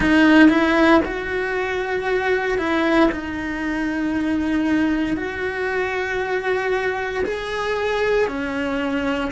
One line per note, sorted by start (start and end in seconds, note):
0.00 0.49 D#4
0.49 1.01 E4
1.04 2.58 F#4
2.58 3.09 E4
3.11 5.17 D#4
5.17 7.24 F#4
7.24 8.28 G#4
8.28 9.31 C#4